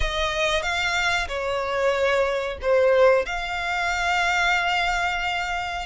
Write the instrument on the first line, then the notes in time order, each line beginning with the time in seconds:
violin
0.00 D#5
0.62 F5
1.28 C#5
2.61 C5
3.25 F5